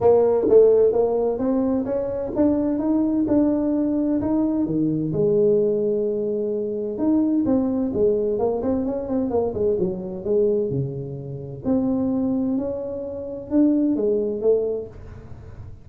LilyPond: \new Staff \with { instrumentName = "tuba" } { \time 4/4 \tempo 4 = 129 ais4 a4 ais4 c'4 | cis'4 d'4 dis'4 d'4~ | d'4 dis'4 dis4 gis4~ | gis2. dis'4 |
c'4 gis4 ais8 c'8 cis'8 c'8 | ais8 gis8 fis4 gis4 cis4~ | cis4 c'2 cis'4~ | cis'4 d'4 gis4 a4 | }